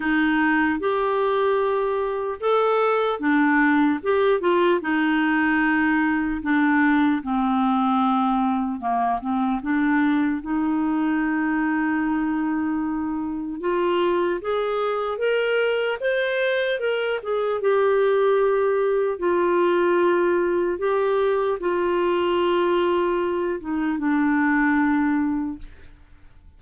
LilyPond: \new Staff \with { instrumentName = "clarinet" } { \time 4/4 \tempo 4 = 75 dis'4 g'2 a'4 | d'4 g'8 f'8 dis'2 | d'4 c'2 ais8 c'8 | d'4 dis'2.~ |
dis'4 f'4 gis'4 ais'4 | c''4 ais'8 gis'8 g'2 | f'2 g'4 f'4~ | f'4. dis'8 d'2 | }